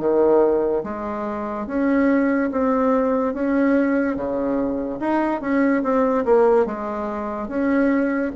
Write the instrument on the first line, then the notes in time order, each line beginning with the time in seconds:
bassoon
0.00 D#3
0.84 G#3
1.67 C#4
2.52 C4
3.34 C#4
4.16 C#3
5.00 D#4
5.41 C#4
5.83 C4
6.25 A#3
6.66 G#3
7.48 C#4